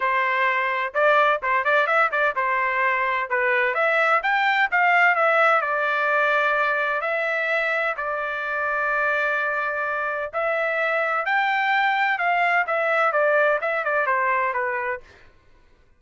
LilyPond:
\new Staff \with { instrumentName = "trumpet" } { \time 4/4 \tempo 4 = 128 c''2 d''4 c''8 d''8 | e''8 d''8 c''2 b'4 | e''4 g''4 f''4 e''4 | d''2. e''4~ |
e''4 d''2.~ | d''2 e''2 | g''2 f''4 e''4 | d''4 e''8 d''8 c''4 b'4 | }